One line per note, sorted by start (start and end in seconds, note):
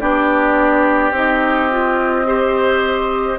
0.00 1.11 B3
0.00 1.13 D4
0.00 2.27 G4
0.00 1.13 D5
1.11 3.38 C4
1.11 1.70 D#4
1.11 3.39 D#5
1.70 2.26 F4
2.26 3.39 G4
2.26 3.39 C5